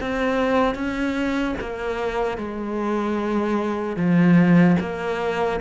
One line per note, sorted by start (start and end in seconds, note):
0.00 0.75 C4
0.75 1.55 C#4
1.60 2.37 A#3
2.37 3.96 G#3
3.96 4.76 F3
4.80 5.60 A#3